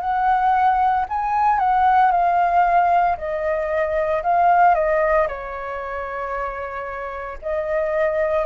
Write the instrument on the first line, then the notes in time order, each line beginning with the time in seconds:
flute
0.00 F#5
1.09 G#5
1.59 F#5
2.11 F5
3.17 D#5
4.23 F5
4.75 D#5
5.28 C#5
7.42 D#5